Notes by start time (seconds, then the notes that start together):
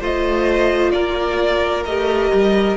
0.00 A3 F4 C5 D#5
0.91 A#3 A#4 D5
1.85 A3 G4 D#5
2.32 G3